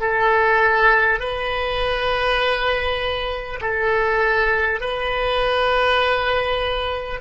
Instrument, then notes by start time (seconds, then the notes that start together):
oboe
0.00 A4
1.19 B4
3.61 A4
4.80 B4